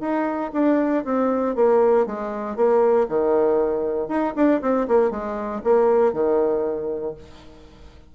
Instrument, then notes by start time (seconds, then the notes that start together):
bassoon
0.00 D#4
0.53 D4
1.04 C4
1.55 A#3
2.06 G#3
2.56 A#3
3.08 D#3
4.08 D#4
4.35 D4
4.61 C4
4.87 A#3
5.10 G#3
5.63 A#3
6.12 D#3